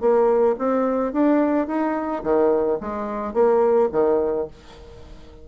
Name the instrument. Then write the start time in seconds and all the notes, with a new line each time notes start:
bassoon
0.00 A#3
0.58 C4
1.13 D4
1.67 D#4
2.23 D#3
2.80 G#3
3.33 A#3
3.92 D#3